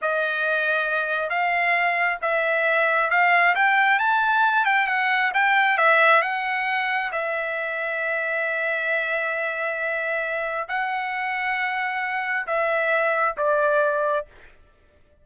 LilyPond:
\new Staff \with { instrumentName = "trumpet" } { \time 4/4 \tempo 4 = 135 dis''2. f''4~ | f''4 e''2 f''4 | g''4 a''4. g''8 fis''4 | g''4 e''4 fis''2 |
e''1~ | e''1 | fis''1 | e''2 d''2 | }